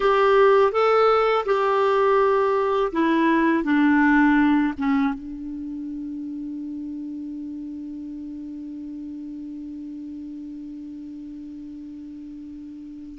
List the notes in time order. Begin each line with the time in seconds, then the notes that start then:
0.00 G4
0.72 A4
1.45 G4
2.92 E4
3.63 D4
4.78 C#4
5.14 D4